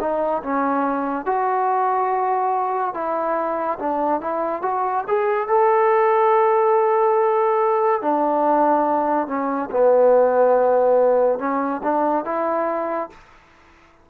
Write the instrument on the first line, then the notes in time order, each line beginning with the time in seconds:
trombone
0.00 D#4
0.43 C#4
1.26 F#4
2.94 E4
3.79 D4
4.21 E4
4.62 F#4
5.08 G#4
5.48 A4
8.02 D4
9.27 C#4
9.71 B3
11.39 C#4
11.83 D4
12.25 E4